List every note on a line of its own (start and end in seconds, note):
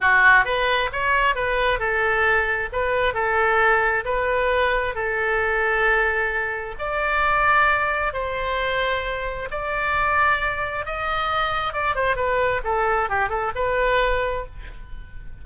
0.01 0.44 F#4
0.44 0.90 B4
0.92 1.35 C#5
1.35 1.79 B4
1.79 2.69 A4
2.72 3.14 B4
3.14 4.04 A4
4.04 4.94 B4
4.94 6.75 A4
6.78 8.13 D5
8.13 9.48 C5
9.50 10.85 D5
10.85 11.73 D#5
11.73 11.95 D5
11.95 12.16 C5
12.16 12.61 B4
12.64 13.09 A4
13.09 13.29 G4
13.29 13.51 A4
13.55 14.45 B4